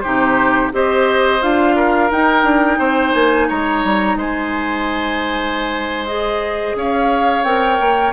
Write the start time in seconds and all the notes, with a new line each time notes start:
0.00 C3 D#4 G4 C5
0.71 C4 G4 C5 D#5
1.41 D4 F4 F5
1.75 A#4
2.11 D#4 G5
2.43 D4
2.78 C4 C5
3.14 A#3 G#5
3.48 G#3 C#5 A#5
3.84 G3
4.15 G#3 C5 G#5
6.06 G#4 D#5
6.75 C#4 C#5 F5
7.43 C4 A#4 G5
7.80 A#3